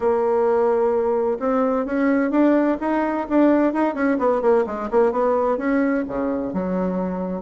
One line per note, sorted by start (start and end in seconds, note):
0.00 1.37 A#3
1.39 1.85 C4
1.85 2.30 C#4
2.30 2.77 D4
2.80 3.27 D#4
3.29 3.73 D4
3.73 3.94 D#4
3.94 4.17 C#4
4.18 4.41 B3
4.41 4.64 A#3
4.66 4.89 G#3
4.90 5.12 A#3
5.12 5.57 B3
5.57 6.04 C#4
6.07 6.53 C#3
6.53 7.42 F#3